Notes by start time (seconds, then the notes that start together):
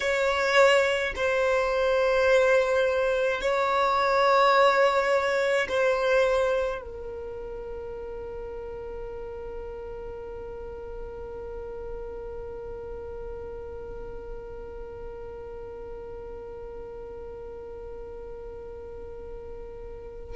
0.00 C#5
1.15 C5
3.41 C#5
5.68 C5
6.81 A#4